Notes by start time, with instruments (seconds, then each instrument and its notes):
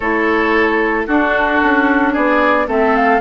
0.00 bassoon A3, clarinet E4, oboe A4, flute C#5
1.06 bassoon D4, clarinet D4, oboe F#4, flute A4
1.63 bassoon C#4
2.12 bassoon B3, oboe G#4, flute D5
2.67 bassoon A3, clarinet C4, oboe A4, flute E5
2.95 flute F5